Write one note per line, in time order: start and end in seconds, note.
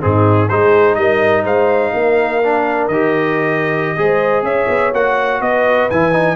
0.00 0.50 G#2
0.00 0.48 C4
0.00 0.48 D#4
0.00 0.48 G#4
0.48 0.96 G#3
0.48 2.42 D#4
0.48 0.96 G#4
0.48 0.95 C5
0.95 1.44 G3
0.95 1.43 A#4
0.95 1.43 D#5
1.43 1.92 G#3
1.43 1.91 C5
1.43 2.88 F5
1.94 2.88 A#3
1.94 3.98 A#4
2.43 2.91 D4
2.88 3.96 D#3
2.88 3.97 G4
2.88 4.44 D#5
3.97 4.42 G#3
3.97 4.93 G#4
3.97 4.44 C5
4.42 4.66 C#4
4.42 5.40 C#5
4.42 4.92 E5
4.68 4.92 B3
4.93 5.40 A#3
4.93 5.89 F#4
4.93 5.41 F#5
5.40 5.88 B3
5.40 6.36 B4
5.40 5.89 D#5
5.90 6.36 E3
5.90 6.12 E4
5.90 6.36 G#5
6.12 6.36 D#4